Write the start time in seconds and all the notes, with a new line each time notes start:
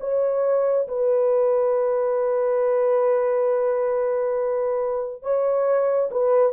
0.00 C#5
0.88 B4
5.23 C#5
6.11 B4